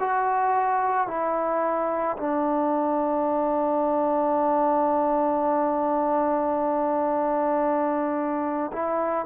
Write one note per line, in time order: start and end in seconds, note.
0.00 1.07 F#4
1.07 2.16 E4
2.17 8.71 D4
8.73 9.25 E4